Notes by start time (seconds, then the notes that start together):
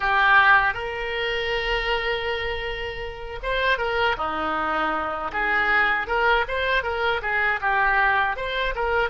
0.00 G4
0.74 A#4
3.42 C5
3.78 A#4
4.17 D#4
5.32 G#4
6.07 A#4
6.48 C5
6.83 A#4
7.22 G#4
7.61 G4
8.36 C5
8.75 A#4